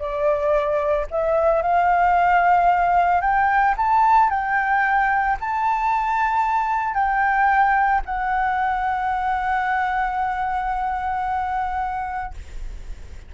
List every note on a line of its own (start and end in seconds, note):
0.00 1.07 D5
1.11 1.62 E5
1.62 3.21 F5
3.21 3.75 G5
3.77 4.30 A5
4.30 5.37 G5
5.41 6.94 A5
6.94 8.02 G5
8.06 12.34 F#5